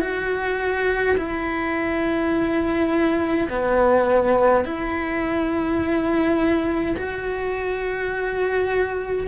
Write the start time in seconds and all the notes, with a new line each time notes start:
0.00 F#4
1.17 E4
3.49 B3
4.65 E4
6.97 F#4